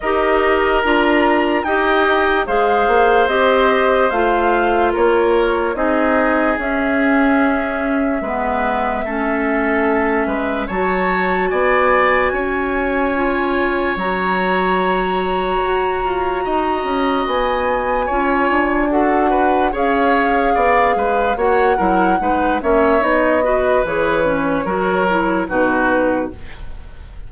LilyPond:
<<
  \new Staff \with { instrumentName = "flute" } { \time 4/4 \tempo 4 = 73 dis''4 ais''4 g''4 f''4 | dis''4 f''4 cis''4 dis''4 | e''1~ | e''4 a''4 gis''2~ |
gis''4 ais''2.~ | ais''4 gis''2 fis''4 | f''2 fis''4. e''8 | dis''4 cis''2 b'4 | }
  \new Staff \with { instrumentName = "oboe" } { \time 4/4 ais'2 dis''4 c''4~ | c''2 ais'4 gis'4~ | gis'2 b'4 a'4~ | a'8 b'8 cis''4 d''4 cis''4~ |
cis''1 | dis''2 cis''4 a'8 b'8 | cis''4 d''8 b'8 cis''8 ais'8 b'8 cis''8~ | cis''8 b'4. ais'4 fis'4 | }
  \new Staff \with { instrumentName = "clarinet" } { \time 4/4 g'4 f'4 g'4 gis'4 | g'4 f'2 dis'4 | cis'2 b4 cis'4~ | cis'4 fis'2. |
f'4 fis'2.~ | fis'2 f'4 fis'4 | gis'2 fis'8 e'8 dis'8 cis'8 | dis'8 fis'8 gis'8 cis'8 fis'8 e'8 dis'4 | }
  \new Staff \with { instrumentName = "bassoon" } { \time 4/4 dis'4 d'4 dis'4 gis8 ais8 | c'4 a4 ais4 c'4 | cis'2 gis4 a4~ | a8 gis8 fis4 b4 cis'4~ |
cis'4 fis2 fis'8 f'8 | dis'8 cis'8 b4 cis'8 d'4. | cis'4 b8 gis8 ais8 fis8 gis8 ais8 | b4 e4 fis4 b,4 | }
>>